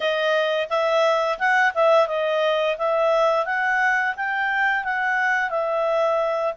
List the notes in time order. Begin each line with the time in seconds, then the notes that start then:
0.00 D#5
0.69 E5
1.39 F#5
1.74 E5
2.07 D#5
2.78 E5
3.45 F#5
4.16 G5
4.84 F#5
5.50 E5